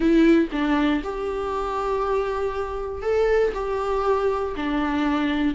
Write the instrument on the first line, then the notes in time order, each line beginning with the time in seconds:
viola
0.00 E4
0.52 D4
1.03 G4
3.02 A4
3.54 G4
4.56 D4